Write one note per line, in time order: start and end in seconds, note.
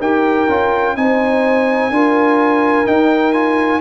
0.00 0.48 D#4
0.00 0.49 G4
0.00 0.95 A#4
0.00 0.96 G5
0.48 0.96 C#4
0.48 0.96 F4
0.96 1.90 C4
0.96 1.92 D#4
0.96 1.94 C5
0.96 2.87 G#5
1.90 2.86 D4
1.90 2.86 F4
1.90 3.81 A#4
2.86 3.33 D#4
2.86 3.81 D#4
2.86 3.33 G5
3.33 3.81 F4
3.33 3.80 G#5